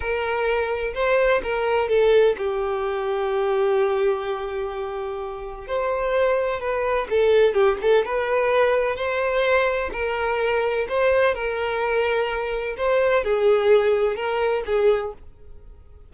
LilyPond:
\new Staff \with { instrumentName = "violin" } { \time 4/4 \tempo 4 = 127 ais'2 c''4 ais'4 | a'4 g'2.~ | g'1 | c''2 b'4 a'4 |
g'8 a'8 b'2 c''4~ | c''4 ais'2 c''4 | ais'2. c''4 | gis'2 ais'4 gis'4 | }